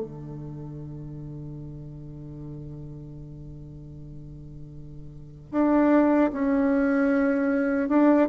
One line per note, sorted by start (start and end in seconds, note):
0.00 5.52 D3
5.52 6.31 D4
6.32 7.89 C#4
7.89 8.28 D4